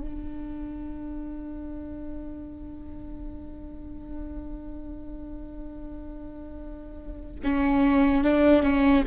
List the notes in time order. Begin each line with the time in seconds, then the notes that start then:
0.00 D4
7.43 C#4
8.24 D4
8.63 C#4